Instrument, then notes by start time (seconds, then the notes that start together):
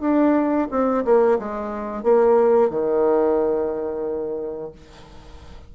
bassoon
0.00 D4
0.70 C4
1.04 A#3
1.39 G#3
2.03 A#3
2.70 D#3